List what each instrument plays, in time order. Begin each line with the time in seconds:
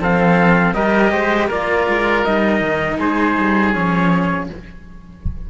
0.00 cello F3 C4, oboe A4, trumpet F5
0.74 cello G3 G4, oboe A#4, trumpet D#5
1.12 cello G#3, oboe C5
1.48 cello A#3 F4, oboe A#4, trumpet D5
1.89 cello G#3
2.24 cello G3 D#4, trumpet D#5
2.61 cello D#3
2.99 cello G#3, oboe G#4, trumpet C5
3.38 cello G3
3.74 cello F3 C#4, trumpet C#5